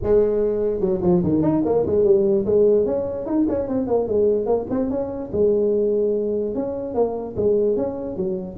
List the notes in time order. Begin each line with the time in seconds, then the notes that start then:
0.02 G#3
0.80 F#3
1.02 F3
1.23 D#3
1.42 D#4
1.65 A#3
1.86 G#3
2.04 G3
2.45 G#3
2.85 C#4
3.26 D#4
3.48 C#4
3.68 C4
3.87 A#3
4.07 G#3
4.46 A#3
4.70 C4
4.90 C#4
5.32 G#3
6.55 C#4
6.94 A#3
7.36 G#3
7.76 C#4
8.16 F#3